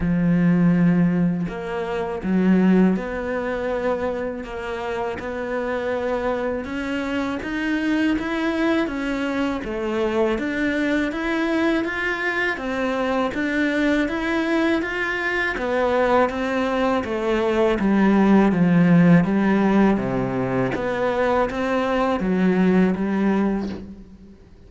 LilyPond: \new Staff \with { instrumentName = "cello" } { \time 4/4 \tempo 4 = 81 f2 ais4 fis4 | b2 ais4 b4~ | b4 cis'4 dis'4 e'4 | cis'4 a4 d'4 e'4 |
f'4 c'4 d'4 e'4 | f'4 b4 c'4 a4 | g4 f4 g4 c4 | b4 c'4 fis4 g4 | }